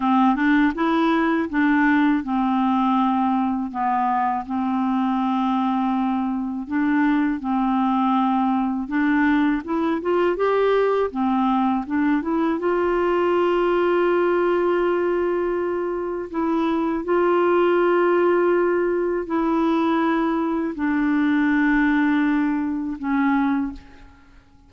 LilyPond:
\new Staff \with { instrumentName = "clarinet" } { \time 4/4 \tempo 4 = 81 c'8 d'8 e'4 d'4 c'4~ | c'4 b4 c'2~ | c'4 d'4 c'2 | d'4 e'8 f'8 g'4 c'4 |
d'8 e'8 f'2.~ | f'2 e'4 f'4~ | f'2 e'2 | d'2. cis'4 | }